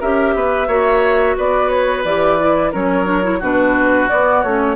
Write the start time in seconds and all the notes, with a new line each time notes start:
0.00 C#4 G4 A#4 E5
0.34 B3 B4
0.68 A#3 F#4 C#5
1.37 B3 B4 D5
1.69 C#5
2.04 E3 G4 D5
2.40 E4
2.72 F#3 C#4 A#4 C#5
3.05 D4
3.23 E4
3.39 B2 D4 F#4 B4
4.09 B3 D5
4.43 A3 C#4 C#5